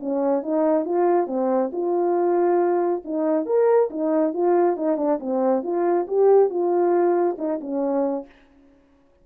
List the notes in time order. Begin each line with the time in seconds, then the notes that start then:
0.00 C#4
0.43 D#4
0.85 F4
1.27 C4
1.72 F4
3.05 D#4
3.46 A#4
3.90 D#4
4.33 F4
4.77 D#4
4.97 D4
5.20 C4
5.63 F4
6.07 G4
6.50 F4
7.38 D#4
7.61 C#4